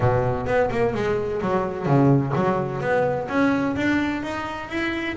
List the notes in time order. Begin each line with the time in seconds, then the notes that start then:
0.00 B2
0.46 B3
0.70 A#3
0.94 G#3
1.41 F#3
1.86 C#3
2.35 F#3
2.80 B3
3.28 C#4
3.76 D4
4.23 D#4
4.69 E4